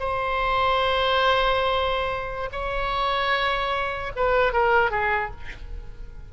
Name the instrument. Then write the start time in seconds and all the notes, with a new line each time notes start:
oboe
0.00 C5
2.53 C#5
4.16 B4
4.53 A#4
4.91 G#4